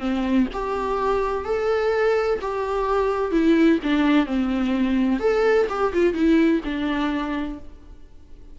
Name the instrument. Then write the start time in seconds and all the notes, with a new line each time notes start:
viola
0.00 C4
0.53 G4
1.45 A4
2.41 G4
3.32 E4
3.83 D4
4.26 C4
5.20 A4
5.69 G4
5.93 F4
6.14 E4
6.65 D4